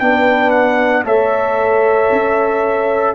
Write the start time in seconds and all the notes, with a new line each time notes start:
0.00 B3 D4 B4 G5
0.51 F#5
1.04 A3 A4 C#5 E5
2.12 C#4